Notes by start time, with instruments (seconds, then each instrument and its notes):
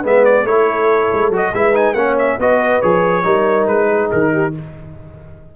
0.00 tuba G#3, trombone B3, horn B4
0.06 trumpet E5
0.25 trumpet D5
0.44 tuba A3, trombone E4, horn A4, trumpet C#5
1.12 tuba G#3
1.29 tuba F#3, trombone F#4
1.36 trumpet D#5
1.53 tuba G#3, trombone E4, horn B4, trumpet E5
1.73 trombone D#4, trumpet G#5
1.93 tuba A#3, trombone C#4, horn C#5, trumpet F#5
2.18 trumpet E5
2.38 tuba B3, trombone F#4, horn B4, trumpet D#5
2.81 tuba F3, trombone G#4, trumpet C#5
3.23 tuba G3, trombone D#4, horn A#4
3.66 tuba G#3, trumpet B4
3.90 horn G#4
4.11 tuba D#3, trumpet A#4
4.32 horn G4